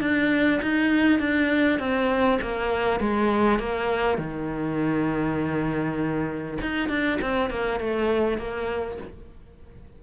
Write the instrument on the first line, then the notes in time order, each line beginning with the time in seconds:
cello
0.00 D4
0.62 D#4
1.19 D4
1.79 C4
2.41 A#3
2.99 G#3
3.59 A#3
4.18 D#3
6.61 D#4
6.88 D4
7.21 C4
7.50 A#3
7.79 A3
8.38 A#3